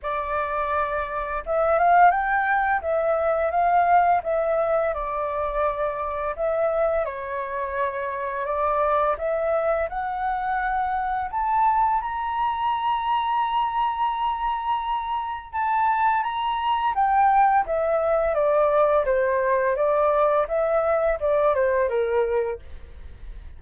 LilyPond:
\new Staff \with { instrumentName = "flute" } { \time 4/4 \tempo 4 = 85 d''2 e''8 f''8 g''4 | e''4 f''4 e''4 d''4~ | d''4 e''4 cis''2 | d''4 e''4 fis''2 |
a''4 ais''2.~ | ais''2 a''4 ais''4 | g''4 e''4 d''4 c''4 | d''4 e''4 d''8 c''8 ais'4 | }